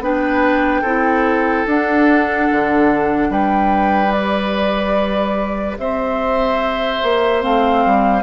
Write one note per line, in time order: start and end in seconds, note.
0.00 0.82 B3
0.00 0.84 D4
0.00 0.81 B4
0.00 1.68 G5
0.81 1.65 C4
0.81 1.67 E4
0.81 3.28 A4
1.67 2.49 D4
1.67 4.12 D4
1.67 3.32 F#5
2.52 3.30 D3
3.30 5.76 G3
3.30 5.78 B4
3.30 4.12 G5
4.12 7.41 G4
4.12 5.77 D5
5.79 7.02 C4
5.79 8.23 C5
5.79 7.42 E5
7.03 7.44 A#3
7.41 7.85 A3
7.41 8.23 C4
7.41 8.23 F5
7.86 8.23 G3